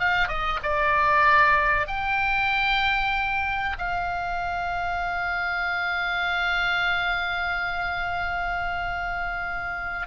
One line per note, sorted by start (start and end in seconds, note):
0.00 0.28 F5
0.28 0.60 D#5
0.63 1.87 D5
1.87 3.77 G5
3.79 10.08 F5